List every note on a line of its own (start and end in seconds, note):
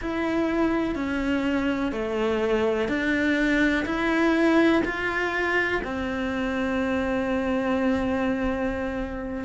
0.01 0.95 E4
0.95 1.91 C#4
1.91 2.88 A3
2.88 3.84 D4
3.85 4.82 E4
4.84 5.81 F4
5.83 9.44 C4